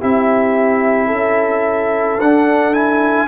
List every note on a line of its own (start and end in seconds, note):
0.00 1.11 C4
0.00 2.19 E4
0.00 1.07 G4
0.00 2.21 E5
1.07 2.19 C#4
1.07 3.25 A4
2.19 3.28 D4
2.19 2.73 D4
2.19 2.74 F#5
2.73 3.28 E4
2.73 3.28 G#5